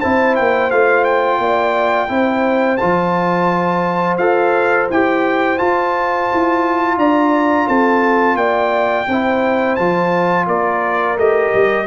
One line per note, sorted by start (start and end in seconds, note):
0.00 0.39 C4
0.00 0.71 E4
0.00 1.40 C5
0.00 0.35 A5
0.36 0.71 A#3
0.36 0.70 G5
0.70 1.39 A3
0.70 2.08 F4
0.70 1.04 F5
1.04 2.77 G5
1.39 2.09 A#3
1.39 2.10 D5
2.08 2.79 C4
2.08 2.78 E4
2.08 6.98 C5
2.77 4.18 F3
2.77 4.20 F4
2.77 4.16 A5
4.17 4.88 F4
4.17 4.90 A4
4.17 4.87 F5
4.90 5.60 E4
4.90 5.58 G4
4.90 5.58 G5
5.58 9.07 F4
5.58 6.30 F4
5.58 6.98 A5
6.34 6.97 E4
6.97 7.67 D4
6.97 7.67 D5
6.97 7.68 A#5
7.67 8.35 C4
7.67 8.37 A4
7.67 8.37 A5
8.35 9.05 A#3
8.35 9.07 D5
8.35 9.75 G5
9.08 9.78 C4
9.08 9.78 E4
9.08 10.47 C5
9.75 10.47 F3
9.75 11.18 F4
9.75 10.45 A5
10.47 11.17 A#3
10.47 11.86 A#4
10.47 11.18 D5
11.17 11.52 A3
11.17 11.87 G4
11.17 11.87 D#5
11.54 11.87 G3